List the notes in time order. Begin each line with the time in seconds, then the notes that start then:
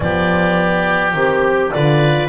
0.00 F3 B3 G4 D5
1.13 D#3 C4 G4
1.70 D3 F4 B4 D5